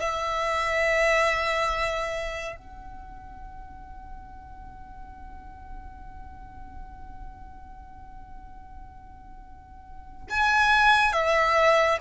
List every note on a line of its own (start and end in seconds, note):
0.00 2.57 E5
2.57 10.28 F#5
10.30 11.13 G#5
11.13 11.99 E5